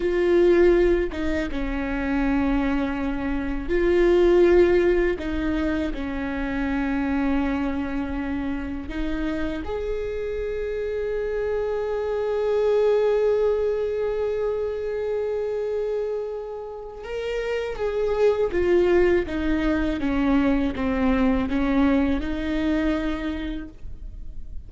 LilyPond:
\new Staff \with { instrumentName = "viola" } { \time 4/4 \tempo 4 = 81 f'4. dis'8 cis'2~ | cis'4 f'2 dis'4 | cis'1 | dis'4 gis'2.~ |
gis'1~ | gis'2. ais'4 | gis'4 f'4 dis'4 cis'4 | c'4 cis'4 dis'2 | }